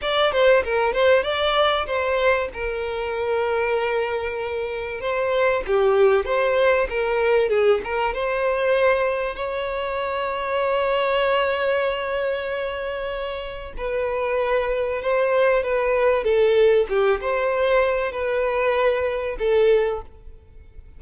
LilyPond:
\new Staff \with { instrumentName = "violin" } { \time 4/4 \tempo 4 = 96 d''8 c''8 ais'8 c''8 d''4 c''4 | ais'1 | c''4 g'4 c''4 ais'4 | gis'8 ais'8 c''2 cis''4~ |
cis''1~ | cis''2 b'2 | c''4 b'4 a'4 g'8 c''8~ | c''4 b'2 a'4 | }